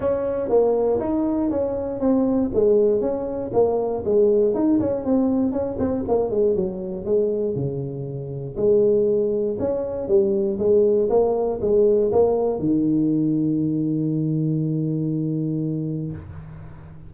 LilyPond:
\new Staff \with { instrumentName = "tuba" } { \time 4/4 \tempo 4 = 119 cis'4 ais4 dis'4 cis'4 | c'4 gis4 cis'4 ais4 | gis4 dis'8 cis'8 c'4 cis'8 c'8 | ais8 gis8 fis4 gis4 cis4~ |
cis4 gis2 cis'4 | g4 gis4 ais4 gis4 | ais4 dis2.~ | dis1 | }